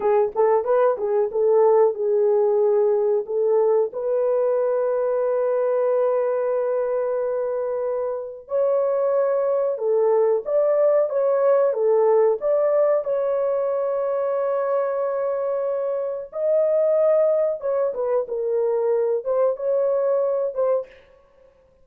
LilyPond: \new Staff \with { instrumentName = "horn" } { \time 4/4 \tempo 4 = 92 gis'8 a'8 b'8 gis'8 a'4 gis'4~ | gis'4 a'4 b'2~ | b'1~ | b'4 cis''2 a'4 |
d''4 cis''4 a'4 d''4 | cis''1~ | cis''4 dis''2 cis''8 b'8 | ais'4. c''8 cis''4. c''8 | }